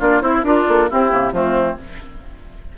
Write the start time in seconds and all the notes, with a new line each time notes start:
0.00 A#3 D4 F4 D5
0.21 C4 E4 C5
0.43 D4 F4 A#4
0.68 A#3 A4
0.90 C4 E4 G4
1.10 C3 A#3
1.33 F3 A3 C4 F4